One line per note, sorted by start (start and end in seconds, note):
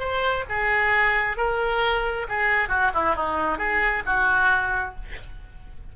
0.00 0.45 C5
0.50 1.37 G#4
1.37 2.27 A#4
2.29 2.69 G#4
2.69 2.91 F#4
2.95 3.16 E4
3.16 3.59 D#4
3.59 4.04 G#4
4.06 4.96 F#4